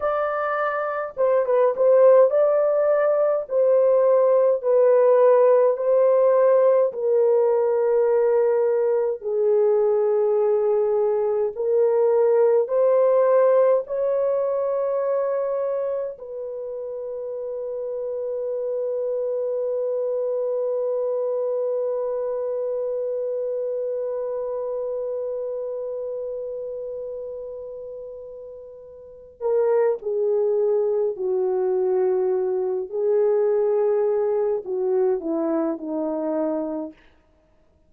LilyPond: \new Staff \with { instrumentName = "horn" } { \time 4/4 \tempo 4 = 52 d''4 c''16 b'16 c''8 d''4 c''4 | b'4 c''4 ais'2 | gis'2 ais'4 c''4 | cis''2 b'2~ |
b'1~ | b'1~ | b'4. ais'8 gis'4 fis'4~ | fis'8 gis'4. fis'8 e'8 dis'4 | }